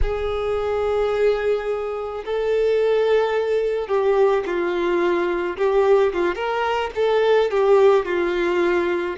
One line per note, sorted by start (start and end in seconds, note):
0.02 2.24 G#4
2.25 3.88 A4
3.88 4.43 G4
4.45 5.57 F4
5.57 6.12 G4
6.13 6.35 F4
6.35 6.90 A#4
6.95 7.50 A4
7.50 8.05 G4
8.05 9.16 F4